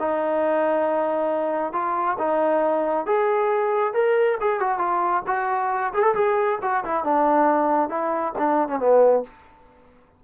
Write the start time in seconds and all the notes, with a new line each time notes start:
0.00 D#4
1.73 F4
2.19 D#4
3.06 G#4
3.94 A#4
4.41 G#4
4.60 F#4
4.79 F4
5.27 F#4
5.94 G#4
6.04 A4
6.15 G#4
6.62 F#4
6.85 E4
7.04 D4
7.89 E4
8.39 D4
8.69 C#4
8.79 B3